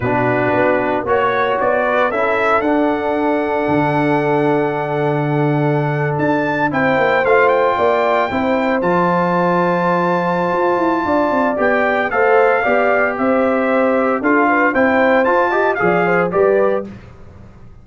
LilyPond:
<<
  \new Staff \with { instrumentName = "trumpet" } { \time 4/4 \tempo 4 = 114 b'2 cis''4 d''4 | e''4 fis''2.~ | fis''2.~ fis''8. a''16~ | a''8. g''4 f''8 g''4.~ g''16~ |
g''8. a''2.~ a''16~ | a''2 g''4 f''4~ | f''4 e''2 f''4 | g''4 a''4 f''4 d''4 | }
  \new Staff \with { instrumentName = "horn" } { \time 4/4 fis'2 cis''4. b'8 | a'1~ | a'1~ | a'8. c''2 d''4 c''16~ |
c''1~ | c''4 d''2 c''4 | d''4 c''2 a'8 b'8 | c''4. dis''8 d''8 c''8 b'4 | }
  \new Staff \with { instrumentName = "trombone" } { \time 4/4 d'2 fis'2 | e'4 d'2.~ | d'1~ | d'8. e'4 f'2 e'16~ |
e'8. f'2.~ f'16~ | f'2 g'4 a'4 | g'2. f'4 | e'4 f'8 g'8 gis'4 g'4 | }
  \new Staff \with { instrumentName = "tuba" } { \time 4/4 b,4 b4 ais4 b4 | cis'4 d'2 d4~ | d2.~ d8. d'16~ | d'8. c'8 ais8 a4 ais4 c'16~ |
c'8. f2.~ f16 | f'8 e'8 d'8 c'8 b4 a4 | b4 c'2 d'4 | c'4 f'4 f4 g4 | }
>>